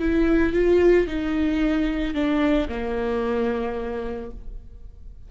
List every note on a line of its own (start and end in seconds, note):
0.00 0.53 E4
0.53 1.07 F4
1.07 2.14 D#4
2.14 2.68 D4
2.69 4.31 A#3